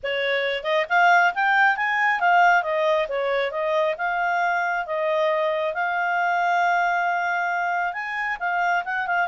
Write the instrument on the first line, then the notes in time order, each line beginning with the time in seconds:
clarinet
0.03 C#5
0.63 D#5
0.89 F5
1.34 G5
1.76 G#5
2.19 F5
2.62 D#5
3.08 C#5
3.51 D#5
3.97 F5
4.86 D#5
5.74 F5
7.93 G#5
8.39 F5
8.84 F#5
9.06 F5